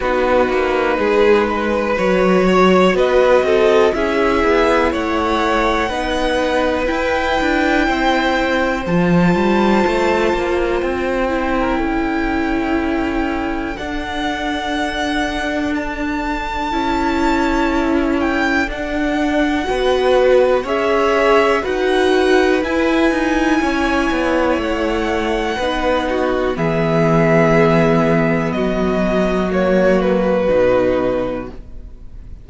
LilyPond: <<
  \new Staff \with { instrumentName = "violin" } { \time 4/4 \tempo 4 = 61 b'2 cis''4 dis''4 | e''4 fis''2 g''4~ | g''4 a''2 g''4~ | g''2 fis''2 |
a''2~ a''8 g''8 fis''4~ | fis''4 e''4 fis''4 gis''4~ | gis''4 fis''2 e''4~ | e''4 dis''4 cis''8 b'4. | }
  \new Staff \with { instrumentName = "violin" } { \time 4/4 fis'4 gis'8 b'4 cis''8 b'8 a'8 | gis'4 cis''4 b'2 | c''2.~ c''8. ais'16 | a'1~ |
a'1 | b'4 cis''4 b'2 | cis''2 b'8 fis'8 gis'4~ | gis'4 fis'2. | }
  \new Staff \with { instrumentName = "viola" } { \time 4/4 dis'2 fis'2 | e'2 dis'4 e'4~ | e'4 f'2~ f'8 e'8~ | e'2 d'2~ |
d'4 e'2 d'4 | fis'4 gis'4 fis'4 e'4~ | e'2 dis'4 b4~ | b2 ais4 dis'4 | }
  \new Staff \with { instrumentName = "cello" } { \time 4/4 b8 ais8 gis4 fis4 b8 c'8 | cis'8 b8 a4 b4 e'8 d'8 | c'4 f8 g8 a8 ais8 c'4 | cis'2 d'2~ |
d'4 cis'2 d'4 | b4 cis'4 dis'4 e'8 dis'8 | cis'8 b8 a4 b4 e4~ | e4 fis2 b,4 | }
>>